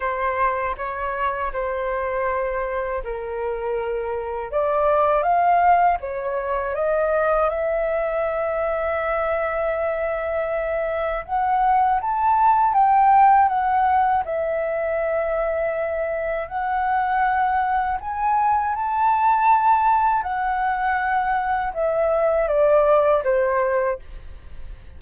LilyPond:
\new Staff \with { instrumentName = "flute" } { \time 4/4 \tempo 4 = 80 c''4 cis''4 c''2 | ais'2 d''4 f''4 | cis''4 dis''4 e''2~ | e''2. fis''4 |
a''4 g''4 fis''4 e''4~ | e''2 fis''2 | gis''4 a''2 fis''4~ | fis''4 e''4 d''4 c''4 | }